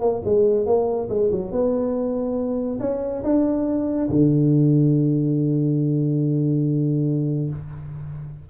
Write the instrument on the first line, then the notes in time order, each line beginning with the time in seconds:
tuba
0.00 A#3
0.25 G#3
0.66 A#3
1.09 G#3
1.31 F#3
1.51 B3
2.80 C#4
3.23 D4
4.09 D3